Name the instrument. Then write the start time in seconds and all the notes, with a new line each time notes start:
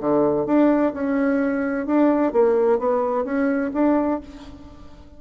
bassoon
0.00 D3
0.46 D4
0.93 C#4
1.86 D4
2.32 A#3
2.78 B3
3.24 C#4
3.74 D4